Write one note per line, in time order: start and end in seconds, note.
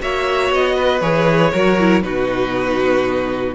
0.00 0.51 A#3
0.00 1.02 F#4
0.00 0.75 C#5
0.00 0.53 E5
0.51 1.02 B3
0.51 1.01 D#5
0.75 1.52 B4
1.01 1.53 E3
1.01 1.53 G#4
1.01 2.03 C#5
1.53 2.03 F#3
1.53 1.79 F#4
1.53 2.04 A#4
1.79 2.03 E4
2.03 3.55 B2
2.03 3.55 D#4
2.03 3.55 F#4
2.03 3.55 B4